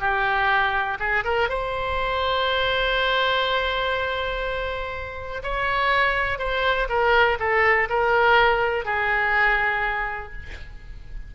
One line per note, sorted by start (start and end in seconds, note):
0.00 0.98 G4
1.00 1.25 G#4
1.25 1.50 A#4
1.50 5.43 C5
5.43 6.39 C#5
6.39 6.88 C5
6.89 7.39 A#4
7.40 7.89 A4
7.90 8.85 A#4
8.85 10.33 G#4